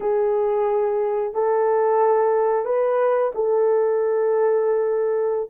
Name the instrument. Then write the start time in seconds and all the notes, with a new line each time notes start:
horn
0.00 G#4
1.34 A4
2.65 B4
3.35 A4